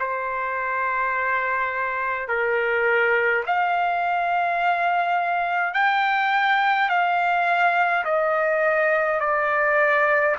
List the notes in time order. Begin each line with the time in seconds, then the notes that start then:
0.00 C5
2.29 A#4
3.46 F5
5.74 G5
6.89 F5
8.05 D#5
9.20 D5